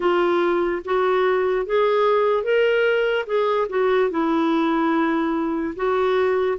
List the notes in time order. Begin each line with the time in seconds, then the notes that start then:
0.00 F4
0.84 F#4
1.66 G#4
2.43 A#4
3.26 G#4
3.69 F#4
4.10 E4
5.75 F#4